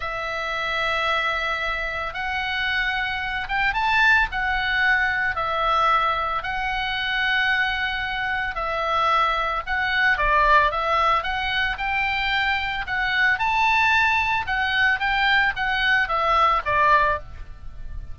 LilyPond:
\new Staff \with { instrumentName = "oboe" } { \time 4/4 \tempo 4 = 112 e''1 | fis''2~ fis''8 g''8 a''4 | fis''2 e''2 | fis''1 |
e''2 fis''4 d''4 | e''4 fis''4 g''2 | fis''4 a''2 fis''4 | g''4 fis''4 e''4 d''4 | }